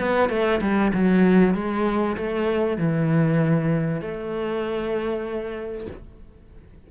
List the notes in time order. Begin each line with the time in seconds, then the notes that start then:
0.00 B3
0.30 A3
0.62 G3
0.94 F#3
1.55 G#3
2.17 A3
2.78 E3
4.01 A3